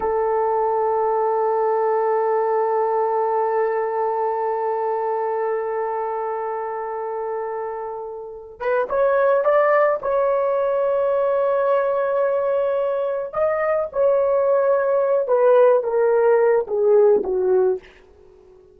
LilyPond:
\new Staff \with { instrumentName = "horn" } { \time 4/4 \tempo 4 = 108 a'1~ | a'1~ | a'1~ | a'2.~ a'8 b'8 |
cis''4 d''4 cis''2~ | cis''1 | dis''4 cis''2~ cis''8 b'8~ | b'8 ais'4. gis'4 fis'4 | }